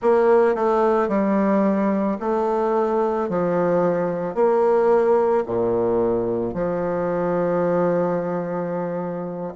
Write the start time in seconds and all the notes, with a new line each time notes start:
0.01 A#3
0.55 A3
1.08 G3
2.20 A3
3.29 F3
4.34 A#3
5.45 A#2
6.54 F3